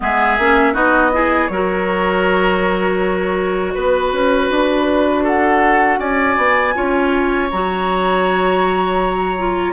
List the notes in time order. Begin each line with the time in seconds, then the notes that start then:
0.00 G#3 B3 G#4 E5
0.38 A#3 C#4
0.73 B3 D#4 F#4 D#5
1.12 E4 G#4
1.47 F#3 F#4 A#4 C#5
3.74 B3 B4
4.12 C#4
4.50 D4
5.23 A4 F#5
5.99 C#4 D5 G#5
6.36 B3
6.74 C#4 F4 C#5
7.50 F#3 F#4 A#5
9.38 F4